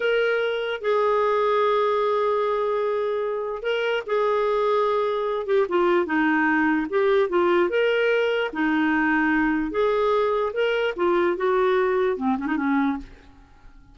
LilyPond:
\new Staff \with { instrumentName = "clarinet" } { \time 4/4 \tempo 4 = 148 ais'2 gis'2~ | gis'1~ | gis'4 ais'4 gis'2~ | gis'4. g'8 f'4 dis'4~ |
dis'4 g'4 f'4 ais'4~ | ais'4 dis'2. | gis'2 ais'4 f'4 | fis'2 c'8 cis'16 dis'16 cis'4 | }